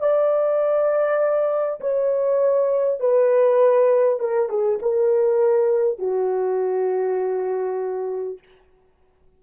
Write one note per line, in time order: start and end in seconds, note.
0.00 1.80 D5
1.80 3.00 C#5
3.00 4.19 B4
4.19 4.49 A#4
4.49 4.79 G#4
4.82 5.98 A#4
5.98 8.38 F#4